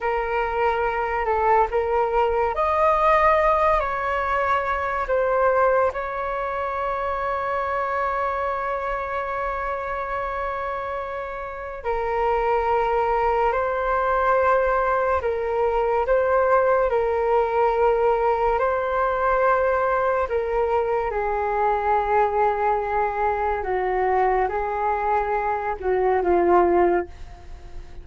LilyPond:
\new Staff \with { instrumentName = "flute" } { \time 4/4 \tempo 4 = 71 ais'4. a'8 ais'4 dis''4~ | dis''8 cis''4. c''4 cis''4~ | cis''1~ | cis''2 ais'2 |
c''2 ais'4 c''4 | ais'2 c''2 | ais'4 gis'2. | fis'4 gis'4. fis'8 f'4 | }